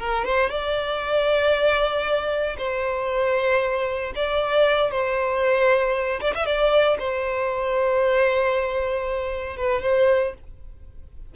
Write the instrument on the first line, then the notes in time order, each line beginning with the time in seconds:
violin
0.00 A#4
0.25 C5
0.50 D5
2.58 C5
4.15 D5
4.91 C5
6.21 D5
6.35 E5
6.46 D5
6.99 C5
9.57 B4
9.82 C5